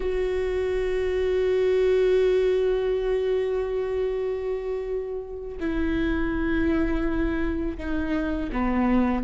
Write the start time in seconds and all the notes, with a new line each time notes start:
0.00 F#4
5.60 E4
7.77 D#4
8.52 B3